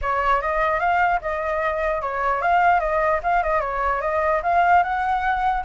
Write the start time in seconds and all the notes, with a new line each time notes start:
0.01 C#5
0.41 D#5
0.79 F5
1.21 D#5
2.01 C#5
2.41 F5
2.80 D#5
3.23 F5
3.43 D#5
3.60 C#5
4.01 D#5
4.43 F5
4.83 F#5